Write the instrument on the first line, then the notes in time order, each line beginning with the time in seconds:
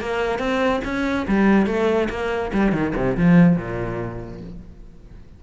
cello
0.00 A#3
0.39 C4
0.84 C#4
1.27 G3
1.66 A3
2.09 A#3
2.53 G3
2.72 D#3
2.95 C3
3.17 F3
3.56 A#2